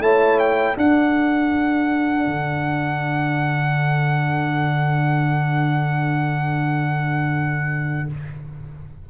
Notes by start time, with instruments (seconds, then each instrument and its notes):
0.00 tuba A3, trombone E4, horn C#5, trumpet A5
0.39 trumpet G5
0.75 trombone D4, tuba D4, horn A4, trumpet F#5
2.26 tuba D3